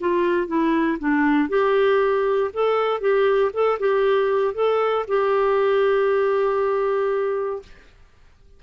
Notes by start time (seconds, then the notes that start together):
0.00 F4
0.47 E4
0.98 D4
1.49 G4
2.53 A4
3.00 G4
3.53 A4
3.79 G4
4.54 A4
5.08 G4